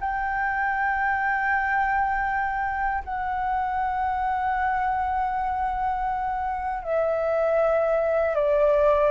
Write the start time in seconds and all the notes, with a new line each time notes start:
0.00 G5
3.04 F#5
6.83 E5
8.35 D5